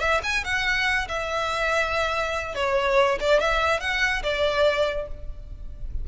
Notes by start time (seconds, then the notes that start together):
0.00 E5
0.24 G#5
0.45 F#5
1.09 E5
2.55 C#5
3.21 D5
3.41 E5
3.80 F#5
4.23 D5